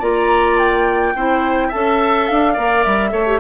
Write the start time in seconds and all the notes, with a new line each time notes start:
0.00 A#3 F4 D5 A#5
0.59 G5
1.16 C4 E4 C5
1.68 A4 E5 A5
1.74 C#4
2.27 D4 F5
2.53 A#3 A#4 D5
2.84 G3 E5
3.11 A3 A4 C#5
3.27 G4